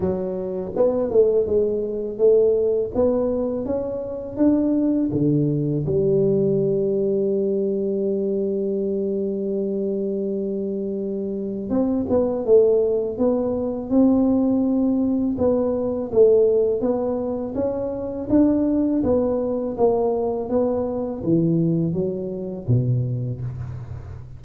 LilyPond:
\new Staff \with { instrumentName = "tuba" } { \time 4/4 \tempo 4 = 82 fis4 b8 a8 gis4 a4 | b4 cis'4 d'4 d4 | g1~ | g1 |
c'8 b8 a4 b4 c'4~ | c'4 b4 a4 b4 | cis'4 d'4 b4 ais4 | b4 e4 fis4 b,4 | }